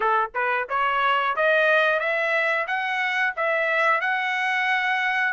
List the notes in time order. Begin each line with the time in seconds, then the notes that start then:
0.00 A4
0.34 B4
0.69 C#5
1.35 D#5
1.99 E5
2.67 F#5
3.36 E5
4.00 F#5